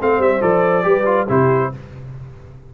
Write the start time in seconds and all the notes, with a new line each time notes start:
0.00 A3 C4 C5 F5
0.19 G3 E5
0.42 F3 A4 D5
0.83 G3 G4 B4
1.06 F4
1.29 C3 E4 G4 C5